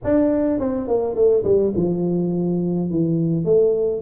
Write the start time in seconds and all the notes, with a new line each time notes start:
0.03 D4
0.59 C4
0.87 A#3
1.14 A3
1.43 G3
1.75 F3
2.90 E3
3.45 A3